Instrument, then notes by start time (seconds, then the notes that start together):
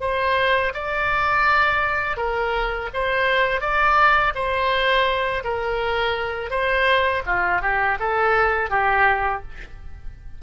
oboe
0.00 C5
0.74 D5
2.17 A#4
2.93 C5
3.60 D5
4.34 C5
5.44 A#4
6.50 C5
7.26 F4
7.61 G4
7.99 A4
8.70 G4